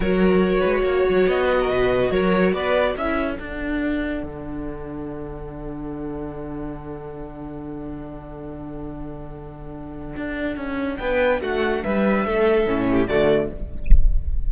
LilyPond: <<
  \new Staff \with { instrumentName = "violin" } { \time 4/4 \tempo 4 = 142 cis''2. dis''4~ | dis''4 cis''4 d''4 e''4 | fis''1~ | fis''1~ |
fis''1~ | fis''1~ | fis''2 g''4 fis''4 | e''2. d''4 | }
  \new Staff \with { instrumentName = "violin" } { \time 4/4 ais'4. b'8 cis''4. b'16 ais'16 | b'4 ais'4 b'4 a'4~ | a'1~ | a'1~ |
a'1~ | a'1~ | a'2 b'4 fis'4 | b'4 a'4. g'8 fis'4 | }
  \new Staff \with { instrumentName = "viola" } { \time 4/4 fis'1~ | fis'2. e'4 | d'1~ | d'1~ |
d'1~ | d'1~ | d'1~ | d'2 cis'4 a4 | }
  \new Staff \with { instrumentName = "cello" } { \time 4/4 fis4. gis8 ais8 fis8 b4 | b,4 fis4 b4 cis'4 | d'2 d2~ | d1~ |
d1~ | d1 | d'4 cis'4 b4 a4 | g4 a4 a,4 d4 | }
>>